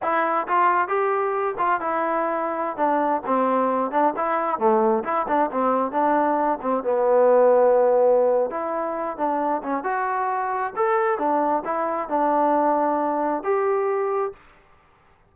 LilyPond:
\new Staff \with { instrumentName = "trombone" } { \time 4/4 \tempo 4 = 134 e'4 f'4 g'4. f'8 | e'2~ e'16 d'4 c'8.~ | c'8. d'8 e'4 a4 e'8 d'16~ | d'16 c'4 d'4. c'8 b8.~ |
b2. e'4~ | e'8 d'4 cis'8 fis'2 | a'4 d'4 e'4 d'4~ | d'2 g'2 | }